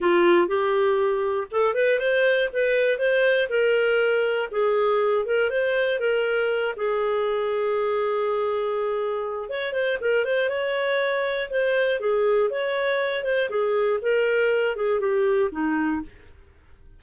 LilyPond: \new Staff \with { instrumentName = "clarinet" } { \time 4/4 \tempo 4 = 120 f'4 g'2 a'8 b'8 | c''4 b'4 c''4 ais'4~ | ais'4 gis'4. ais'8 c''4 | ais'4. gis'2~ gis'8~ |
gis'2. cis''8 c''8 | ais'8 c''8 cis''2 c''4 | gis'4 cis''4. c''8 gis'4 | ais'4. gis'8 g'4 dis'4 | }